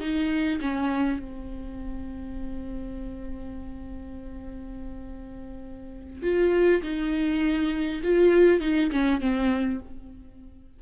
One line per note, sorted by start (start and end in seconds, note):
0.00 0.59 D#4
0.60 1.19 C#4
1.19 6.22 C4
6.22 6.82 F4
6.82 8.01 D#4
8.03 8.61 F4
8.61 8.90 D#4
8.91 9.20 C#4
9.20 9.80 C4